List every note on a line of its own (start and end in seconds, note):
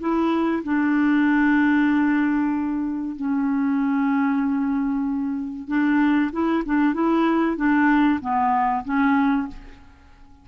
0.00 0.63 E4
0.64 3.16 D4
3.16 5.68 C#4
5.68 6.31 D4
6.32 6.64 E4
6.66 6.94 D4
6.94 7.57 E4
7.57 8.20 D4
8.21 8.84 B3
8.85 9.48 C#4